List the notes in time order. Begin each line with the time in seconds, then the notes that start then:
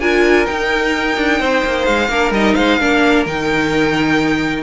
0.00 D4 F4 A#4 G#5
0.46 D#4 G5
1.17 D4
1.40 C4 C5
1.65 A#3
1.85 G#3 F5
2.09 A#3 D4 A#4
2.31 G3 D#4 D#5
2.54 G#3 C5 F5
2.79 A#3 D4 A#4
3.26 D#3 D#4 G5